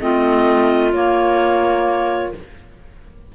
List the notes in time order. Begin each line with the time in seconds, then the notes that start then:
0.00 A3 C4 F4 D#5
0.93 A#3 C#5